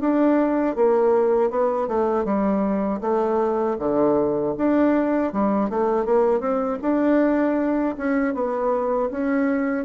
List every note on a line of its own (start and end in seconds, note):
0.00 0.75 D4
0.75 1.50 A#3
1.50 1.87 B3
1.87 2.24 A3
2.24 3.00 G3
3.01 3.77 A3
3.79 4.55 D3
4.57 5.32 D4
5.32 5.70 G3
5.70 6.05 A3
6.05 6.40 A#3
6.40 6.78 C4
6.81 7.95 D4
7.97 8.34 C#4
8.34 9.10 B3
9.11 9.85 C#4